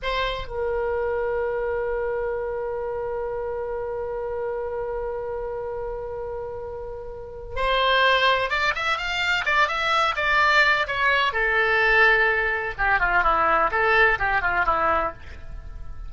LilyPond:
\new Staff \with { instrumentName = "oboe" } { \time 4/4 \tempo 4 = 127 c''4 ais'2.~ | ais'1~ | ais'1~ | ais'1 |
c''2 d''8 e''8 f''4 | d''8 e''4 d''4. cis''4 | a'2. g'8 f'8 | e'4 a'4 g'8 f'8 e'4 | }